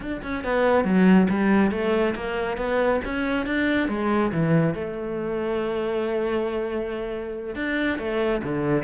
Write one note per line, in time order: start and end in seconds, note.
0.00 0.22 D4
0.22 0.44 C#4
0.44 0.84 B3
0.84 1.27 F#3
1.29 1.71 G3
1.71 2.14 A3
2.15 2.57 A#3
2.57 3.00 B3
3.05 3.46 C#4
3.46 3.88 D4
3.88 4.31 G#3
4.31 4.74 E3
4.74 7.55 A3
7.55 7.98 D4
7.98 8.41 A3
8.43 8.83 D3